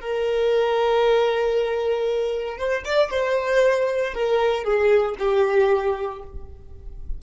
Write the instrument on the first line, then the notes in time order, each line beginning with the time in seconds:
violin
0.00 A#4
2.58 C5
2.84 D5
3.10 C5
4.14 A#4
4.64 G#4
5.19 G4